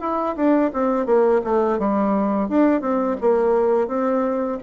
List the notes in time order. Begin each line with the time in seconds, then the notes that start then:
0.00 E4
0.36 D4
0.73 C4
1.06 A#3
1.44 A3
1.78 G3
2.49 D4
2.81 C4
3.21 A#3
3.87 C4